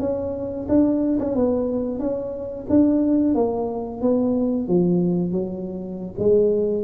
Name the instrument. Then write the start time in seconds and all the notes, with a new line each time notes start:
tuba
0.00 C#4
0.69 D4
1.19 C#4
1.35 B3
1.99 C#4
2.70 D4
3.35 A#3
4.02 B3
4.68 F3
5.32 F#3
6.19 G#3